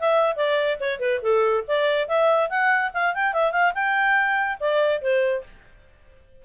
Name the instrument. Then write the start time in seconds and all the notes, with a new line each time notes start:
clarinet
0.00 E5
0.36 D5
0.80 C#5
1.00 B4
1.22 A4
1.68 D5
2.08 E5
2.50 F#5
2.94 F5
3.15 G5
3.34 E5
3.52 F5
3.75 G5
4.60 D5
5.02 C5